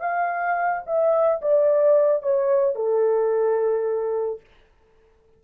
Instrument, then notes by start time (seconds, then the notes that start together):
horn
0.00 F5
0.86 E5
1.41 D5
2.22 C#5
2.75 A4